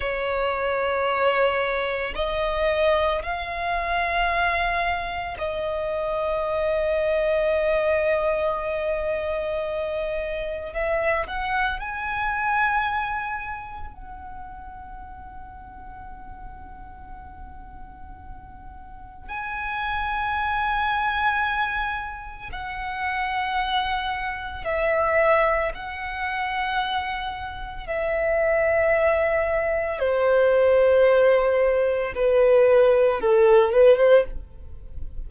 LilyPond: \new Staff \with { instrumentName = "violin" } { \time 4/4 \tempo 4 = 56 cis''2 dis''4 f''4~ | f''4 dis''2.~ | dis''2 e''8 fis''8 gis''4~ | gis''4 fis''2.~ |
fis''2 gis''2~ | gis''4 fis''2 e''4 | fis''2 e''2 | c''2 b'4 a'8 b'16 c''16 | }